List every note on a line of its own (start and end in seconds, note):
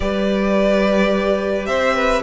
0.00 1.68 G3
0.00 2.23 G4
0.00 1.68 B4
0.00 1.66 D5
1.66 2.23 C4
1.66 1.95 C5
1.66 2.22 E5
1.95 2.23 B4